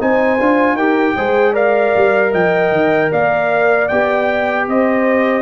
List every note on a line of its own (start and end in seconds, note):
0.00 0.40 C4
0.00 0.39 D#4
0.00 0.76 C5
0.00 0.77 G#5
0.40 0.74 D4
0.40 0.79 F4
0.74 1.12 D#4
0.74 1.18 G4
0.74 1.15 A#4
0.74 1.55 G5
1.17 1.95 G#3
1.17 1.54 G#4
1.17 1.53 C5
1.53 3.88 A#4
1.53 2.31 D5
1.53 2.34 F5
1.96 2.34 G3
2.32 2.71 F3
2.32 3.10 D#5
2.32 3.12 G5
2.71 3.10 D#3
3.11 3.91 A#3
3.11 4.67 D5
3.11 3.89 F5
3.89 4.68 B3
3.89 5.42 G4
3.89 4.67 G5
4.68 5.42 C4
4.68 5.42 C5
4.68 5.42 D#5